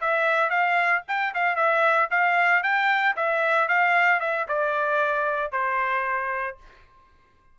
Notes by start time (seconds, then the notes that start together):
0.00 E5
0.49 F5
1.07 G5
1.34 F5
1.56 E5
2.10 F5
2.62 G5
3.16 E5
3.68 F5
4.20 E5
4.48 D5
5.51 C5